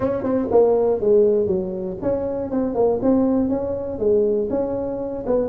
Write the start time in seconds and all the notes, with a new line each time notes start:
0.00 C#4
0.22 C4
0.51 A#3
1.00 G#3
1.46 F#3
2.01 C#4
2.50 C4
2.74 A#3
3.02 C4
3.49 C#4
3.98 G#3
4.50 C#4
5.26 B3